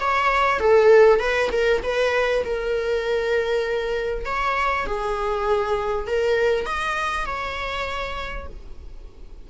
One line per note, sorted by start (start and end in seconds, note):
0.00 0.59 C#5
0.59 1.19 A4
1.19 1.49 B4
1.52 1.82 A#4
1.83 2.43 B4
2.44 4.25 A#4
4.25 4.86 C#5
4.86 6.07 G#4
6.07 6.66 A#4
6.66 7.26 D#5
7.26 8.47 C#5